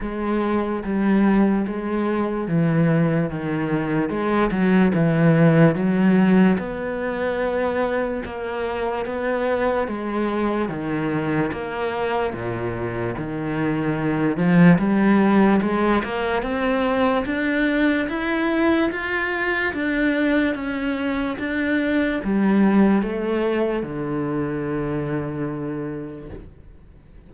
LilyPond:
\new Staff \with { instrumentName = "cello" } { \time 4/4 \tempo 4 = 73 gis4 g4 gis4 e4 | dis4 gis8 fis8 e4 fis4 | b2 ais4 b4 | gis4 dis4 ais4 ais,4 |
dis4. f8 g4 gis8 ais8 | c'4 d'4 e'4 f'4 | d'4 cis'4 d'4 g4 | a4 d2. | }